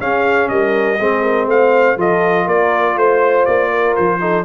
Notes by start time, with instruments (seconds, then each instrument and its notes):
0.00 trombone C#4, tuba C#4, horn G#4, trumpet F5
0.49 tuba G3, horn A#4, trumpet D#5
1.00 tuba G#3, trombone C4, horn G#4
1.23 horn A#4
1.47 tuba A3, horn C5, trumpet F5
1.98 tuba F3, trombone F4, horn A4, trumpet D#5
2.46 tuba A#3, horn A#4, trumpet D5
2.96 tuba A3, trumpet C5, horn C5
3.46 tuba A#3, trumpet D5
3.70 horn A#4
3.96 tuba F3, trumpet C5
4.21 trombone D#4, horn A4